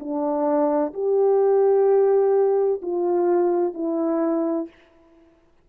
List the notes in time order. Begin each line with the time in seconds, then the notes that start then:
0.00 D4
0.94 G4
2.83 F4
3.75 E4